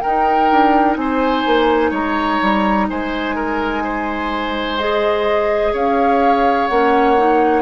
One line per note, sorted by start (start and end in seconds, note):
0.00 4.80 D#4
0.00 0.51 D#4
0.00 0.98 A#4
0.00 0.95 G5
0.51 0.96 D4
0.96 1.44 C4
0.96 1.91 C5
0.96 1.91 G#5
1.46 1.91 A#3
1.91 2.39 G#3
1.91 2.86 C#5
1.91 2.89 A#5
2.42 2.89 G3
2.90 5.74 G#3
2.90 3.36 C5
2.90 4.78 G#5
3.36 3.83 A#4
3.84 5.73 C5
4.78 6.70 G#4
4.78 5.74 D#5
5.73 6.69 C#4
5.73 7.62 C#5
5.73 6.67 F5
6.67 7.62 A#3
6.67 7.17 C#4
6.67 7.62 F#5
7.17 7.62 D#4